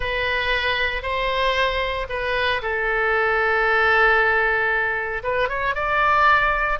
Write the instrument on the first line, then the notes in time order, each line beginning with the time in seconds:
oboe
0.00 B4
1.02 C5
2.09 B4
2.62 A4
5.23 B4
5.49 C#5
5.75 D5